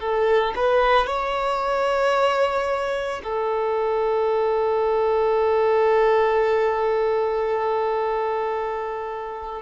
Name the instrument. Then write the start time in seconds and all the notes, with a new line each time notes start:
violin
0.00 A4
0.56 B4
1.07 C#5
3.24 A4